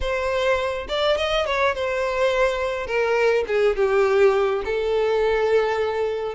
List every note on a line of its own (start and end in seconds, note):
0.00 0.87 C5
0.88 1.17 D5
1.17 1.46 D#5
1.46 1.74 C#5
1.74 2.86 C5
2.86 3.44 A#4
3.47 3.76 G#4
3.76 4.62 G4
4.64 6.35 A4